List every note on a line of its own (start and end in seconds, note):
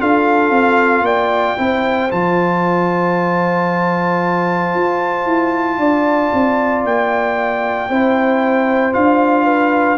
0.00 0.50 D4
0.00 1.58 F4
0.00 1.05 A4
0.00 1.06 F5
0.50 1.02 C4
1.02 1.55 A#3
1.02 1.58 D5
1.02 2.11 G5
1.58 2.11 C4
1.58 2.10 E4
1.58 5.79 C5
2.11 4.75 F3
2.11 7.90 F4
2.11 6.85 A5
4.75 5.26 F4
5.26 5.78 E4
5.78 6.31 D4
5.78 7.90 D5
6.34 6.85 C4
6.85 7.90 A#3
6.85 8.94 G5
7.90 8.95 C4
7.90 8.93 E4
7.90 9.45 C5
8.93 9.99 D4
8.93 9.98 F4
8.93 9.99 F5
9.45 9.98 B4